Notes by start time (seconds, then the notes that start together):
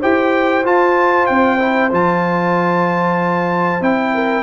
0.00 E4 G4 C5 G5
0.64 F4 A5
1.26 C4 G5
1.59 E4
1.91 F3 F4 A5
3.81 C4 E4 G5
4.14 A#4